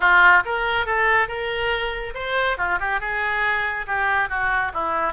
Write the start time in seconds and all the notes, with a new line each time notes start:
0.00 F4
0.45 A#4
0.86 A4
1.27 A#4
2.14 C5
2.57 F4
2.80 G4
3.00 G#4
3.86 G4
4.29 F#4
4.73 E4